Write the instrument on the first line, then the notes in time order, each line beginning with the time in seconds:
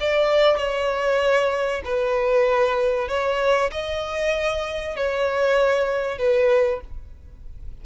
violin
0.00 D5
0.57 C#5
1.84 B4
3.08 C#5
3.71 D#5
4.96 C#5
6.18 B4